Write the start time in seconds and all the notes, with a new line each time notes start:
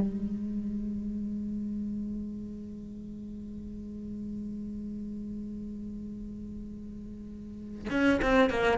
0.00 G#3
7.90 C#4
8.21 C4
8.49 A#3